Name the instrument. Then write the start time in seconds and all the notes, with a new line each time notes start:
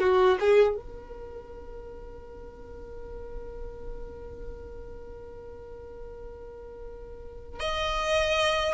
violin
0.00 F#4
0.40 G#4
0.77 A#4
7.60 D#5